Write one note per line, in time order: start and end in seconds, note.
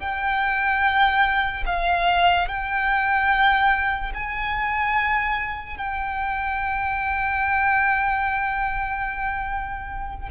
0.00 1.64 G5
1.66 2.48 F5
2.48 4.12 G5
4.14 5.77 G#5
5.77 10.29 G5